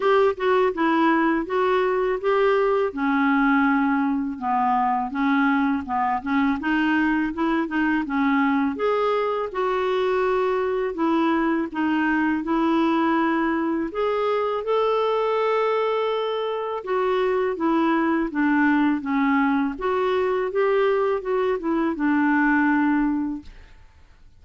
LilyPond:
\new Staff \with { instrumentName = "clarinet" } { \time 4/4 \tempo 4 = 82 g'8 fis'8 e'4 fis'4 g'4 | cis'2 b4 cis'4 | b8 cis'8 dis'4 e'8 dis'8 cis'4 | gis'4 fis'2 e'4 |
dis'4 e'2 gis'4 | a'2. fis'4 | e'4 d'4 cis'4 fis'4 | g'4 fis'8 e'8 d'2 | }